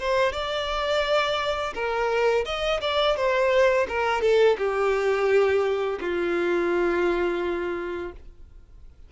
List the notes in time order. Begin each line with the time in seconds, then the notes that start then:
0.00 C5
0.32 D5
1.75 A#4
2.45 D#5
2.81 D5
3.17 C5
3.89 A#4
4.22 A4
4.58 G4
6.01 F4